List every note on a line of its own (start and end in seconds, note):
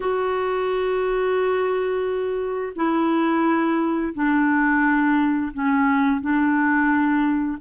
0.00 2.72 F#4
2.75 4.13 E4
4.14 5.52 D4
5.53 6.20 C#4
6.20 7.58 D4